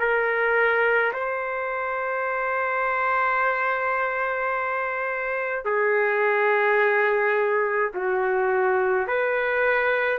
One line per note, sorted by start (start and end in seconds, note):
0.00 1.13 A#4
1.14 5.66 C5
5.66 7.92 G#4
7.95 9.08 F#4
9.08 10.19 B4